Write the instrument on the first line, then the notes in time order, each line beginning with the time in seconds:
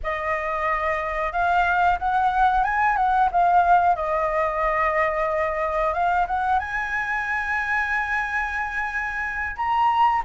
flute
0.03 D#5
1.32 F5
1.98 F#5
2.64 G#5
2.96 F#5
3.31 F5
3.95 D#5
5.93 F5
6.27 F#5
6.59 G#5
9.56 A#5